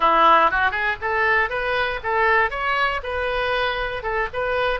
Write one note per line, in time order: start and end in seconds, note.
0.00 0.50 E4
0.50 0.71 F#4
0.71 0.96 G#4
1.01 1.49 A4
1.49 1.99 B4
2.03 2.50 A4
2.50 3.00 C#5
3.03 4.02 B4
4.02 4.28 A4
4.33 4.80 B4